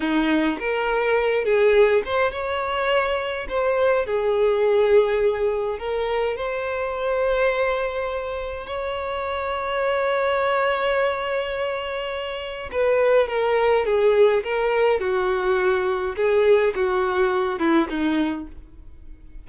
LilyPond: \new Staff \with { instrumentName = "violin" } { \time 4/4 \tempo 4 = 104 dis'4 ais'4. gis'4 c''8 | cis''2 c''4 gis'4~ | gis'2 ais'4 c''4~ | c''2. cis''4~ |
cis''1~ | cis''2 b'4 ais'4 | gis'4 ais'4 fis'2 | gis'4 fis'4. e'8 dis'4 | }